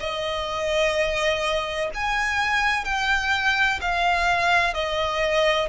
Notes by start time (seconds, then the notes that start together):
0.00 D#5
1.94 G#5
2.85 G5
3.81 F5
4.74 D#5